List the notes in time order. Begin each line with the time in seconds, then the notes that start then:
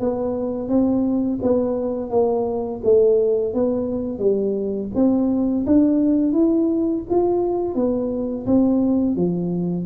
0.00 B3
0.69 C4
1.42 B3
2.10 A#3
2.84 A3
3.54 B3
4.19 G3
4.95 C4
5.66 D4
6.33 E4
7.10 F4
7.75 B3
8.46 C4
9.16 F3